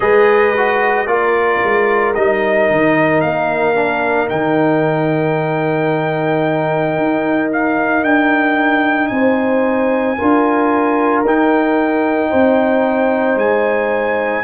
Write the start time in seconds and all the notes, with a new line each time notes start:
0.00 G#3 G#4 B4 D#5
0.57 F#4
1.06 A#3 F4 A#4 D5
1.63 G#3
2.14 G3 D#4 D#5
2.70 D#3
3.21 A#3 F5
3.74 D4
4.27 D#3 D#4 G5
6.97 D#4
7.52 F5
8.02 D4 G5
9.07 C4 C5 G#5
10.17 D4 F4 A#4
11.24 D#4 G5
12.30 C4 C5
13.35 G#3 G#5